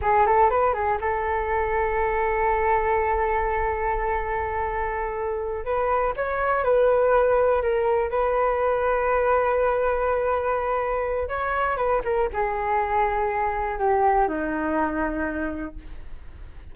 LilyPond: \new Staff \with { instrumentName = "flute" } { \time 4/4 \tempo 4 = 122 gis'8 a'8 b'8 gis'8 a'2~ | a'1~ | a'2.~ a'8 b'8~ | b'8 cis''4 b'2 ais'8~ |
ais'8 b'2.~ b'8~ | b'2. cis''4 | b'8 ais'8 gis'2. | g'4 dis'2. | }